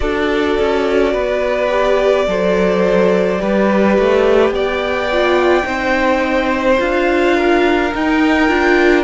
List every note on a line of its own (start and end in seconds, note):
0.00 0.58 D4
0.00 1.69 F#4
0.00 1.12 A4
0.00 4.51 D5
0.59 1.13 C#4
1.12 2.27 B3
1.12 2.26 B4
1.69 2.25 G4
2.27 3.40 F#3
2.27 3.37 A4
2.27 3.41 C5
3.37 3.98 G3
3.37 5.07 G4
3.37 4.54 B4
3.99 4.50 A3
4.50 5.63 B3
4.50 5.66 D5
4.50 6.79 G5
5.12 5.63 F4
5.63 6.78 C4
5.63 6.76 D#4
5.63 7.36 C5
6.77 7.93 D4
6.77 7.91 F4
6.77 7.93 F5
7.36 9.03 A#4
7.94 8.49 D#4
7.94 8.48 D#4
7.94 9.03 G5
8.48 9.03 D4
8.48 9.03 F4